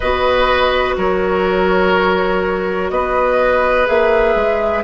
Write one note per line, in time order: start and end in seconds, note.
0.00 0.97 B3
0.00 3.86 F#4
0.00 0.95 B4
0.00 0.96 D#5
0.97 2.90 F#3
0.97 2.91 A#4
0.97 2.90 C#5
2.90 3.87 B3
2.90 4.84 B4
2.90 3.86 D#5
3.86 4.35 A#3
3.86 4.82 G#4
3.86 4.84 E5
4.35 4.83 G#3